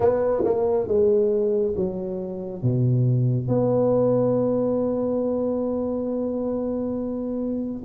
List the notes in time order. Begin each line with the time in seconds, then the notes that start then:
0.00 B3
0.44 A#3
0.87 G#3
1.75 F#3
2.62 B2
3.48 B3